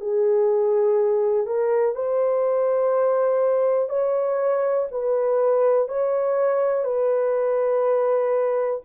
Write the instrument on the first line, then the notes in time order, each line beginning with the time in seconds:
horn
0.00 G#4
1.46 A#4
1.95 C5
3.89 C#5
4.91 B4
5.88 C#5
6.84 B4